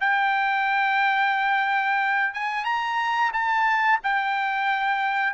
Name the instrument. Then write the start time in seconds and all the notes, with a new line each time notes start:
trumpet
0.00 G5
2.33 G#5
2.65 A#5
3.32 A5
4.03 G5